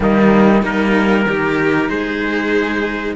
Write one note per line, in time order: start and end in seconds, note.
0.00 0.60 D#3
0.00 0.62 G3
0.00 0.62 A#3
0.00 0.64 D#4
0.62 1.25 G3
0.62 1.26 A#3
0.62 1.25 D#4
0.62 1.89 A#4
1.25 1.88 D#3
1.25 3.15 D#4
1.25 1.89 G4
1.89 3.15 G#3
1.89 3.15 G#4
1.89 3.15 C5